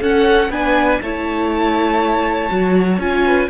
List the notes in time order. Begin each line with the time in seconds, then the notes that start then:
0.00 C#4 A4 F#5
0.49 B3 D4 B4 G#5
1.01 A3 E4 C#5 A5
2.49 F#3 F#4
2.98 C#4 F4 G#5
3.25 B4